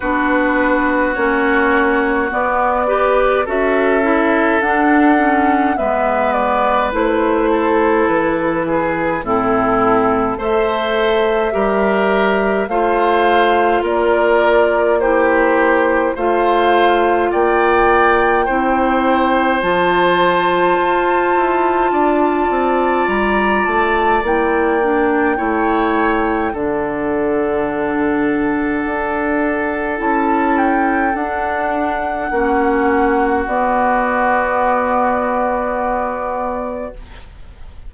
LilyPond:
<<
  \new Staff \with { instrumentName = "flute" } { \time 4/4 \tempo 4 = 52 b'4 cis''4 d''4 e''4 | fis''4 e''8 d''8 c''4 b'4 | a'4 e''2 f''4 | d''4 c''4 f''4 g''4~ |
g''4 a''2. | ais''8 a''8 g''2 fis''4~ | fis''2 a''8 g''8 fis''4~ | fis''4 d''2. | }
  \new Staff \with { instrumentName = "oboe" } { \time 4/4 fis'2~ fis'8 b'8 a'4~ | a'4 b'4. a'4 gis'8 | e'4 c''4 ais'4 c''4 | ais'4 g'4 c''4 d''4 |
c''2. d''4~ | d''2 cis''4 a'4~ | a'1 | fis'1 | }
  \new Staff \with { instrumentName = "clarinet" } { \time 4/4 d'4 cis'4 b8 g'8 fis'8 e'8 | d'8 cis'8 b4 e'2 | c'4 a'4 g'4 f'4~ | f'4 e'4 f'2 |
e'4 f'2.~ | f'4 e'8 d'8 e'4 d'4~ | d'2 e'4 d'4 | cis'4 b2. | }
  \new Staff \with { instrumentName = "bassoon" } { \time 4/4 b4 ais4 b4 cis'4 | d'4 gis4 a4 e4 | a,4 a4 g4 a4 | ais2 a4 ais4 |
c'4 f4 f'8 e'8 d'8 c'8 | g8 a8 ais4 a4 d4~ | d4 d'4 cis'4 d'4 | ais4 b2. | }
>>